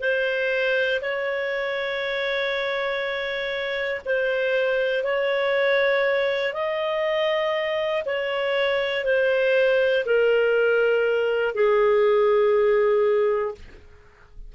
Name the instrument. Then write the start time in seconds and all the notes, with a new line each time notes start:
clarinet
0.00 C5
1.01 C#5
4.05 C5
5.03 C#5
6.53 D#5
8.05 C#5
9.05 C5
10.05 A#4
11.54 G#4